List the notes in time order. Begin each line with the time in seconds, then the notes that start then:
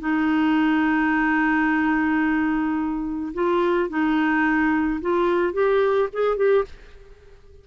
0.00 D#4
3.34 F4
3.90 D#4
5.02 F4
5.54 G4
6.13 G#4
6.37 G4